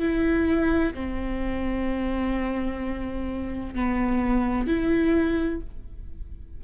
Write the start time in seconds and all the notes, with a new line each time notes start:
0.00 E4
0.94 C4
3.75 B3
4.67 E4